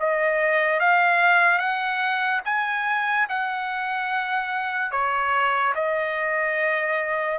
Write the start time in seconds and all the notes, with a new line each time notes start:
0.00 D#5
0.80 F5
1.59 F#5
2.45 G#5
3.30 F#5
4.92 C#5
5.75 D#5